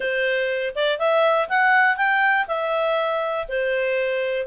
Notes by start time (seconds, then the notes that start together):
0.00 C5
0.75 D5
0.98 E5
1.49 F#5
1.96 G5
2.47 E5
3.48 C5